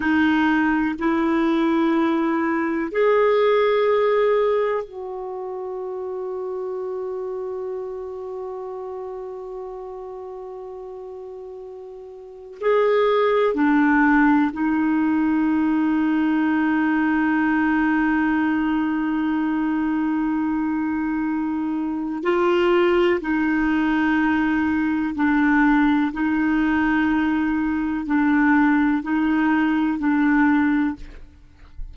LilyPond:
\new Staff \with { instrumentName = "clarinet" } { \time 4/4 \tempo 4 = 62 dis'4 e'2 gis'4~ | gis'4 fis'2.~ | fis'1~ | fis'4 gis'4 d'4 dis'4~ |
dis'1~ | dis'2. f'4 | dis'2 d'4 dis'4~ | dis'4 d'4 dis'4 d'4 | }